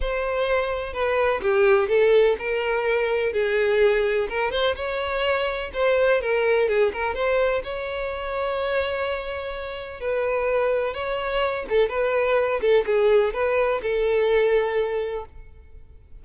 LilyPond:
\new Staff \with { instrumentName = "violin" } { \time 4/4 \tempo 4 = 126 c''2 b'4 g'4 | a'4 ais'2 gis'4~ | gis'4 ais'8 c''8 cis''2 | c''4 ais'4 gis'8 ais'8 c''4 |
cis''1~ | cis''4 b'2 cis''4~ | cis''8 a'8 b'4. a'8 gis'4 | b'4 a'2. | }